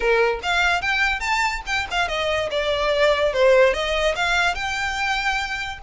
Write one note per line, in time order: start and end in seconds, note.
0.00 0.40 A#4
0.43 0.81 F5
0.81 1.20 G5
1.20 1.61 A5
1.66 1.87 G5
1.90 2.08 F5
2.08 2.49 D#5
2.50 3.33 D5
3.33 3.73 C5
3.73 4.14 D#5
4.15 4.54 F5
4.54 5.78 G5